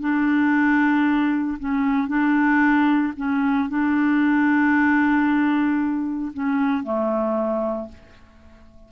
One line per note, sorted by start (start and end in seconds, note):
0.00 1.58 D4
1.59 2.08 C#4
2.08 3.13 D4
3.17 3.69 C#4
3.69 6.32 D4
6.33 6.83 C#4
6.83 7.89 A3